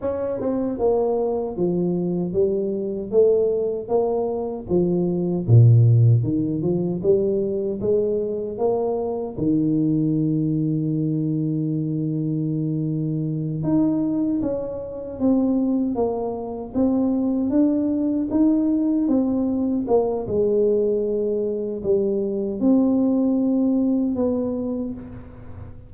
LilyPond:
\new Staff \with { instrumentName = "tuba" } { \time 4/4 \tempo 4 = 77 cis'8 c'8 ais4 f4 g4 | a4 ais4 f4 ais,4 | dis8 f8 g4 gis4 ais4 | dis1~ |
dis4. dis'4 cis'4 c'8~ | c'8 ais4 c'4 d'4 dis'8~ | dis'8 c'4 ais8 gis2 | g4 c'2 b4 | }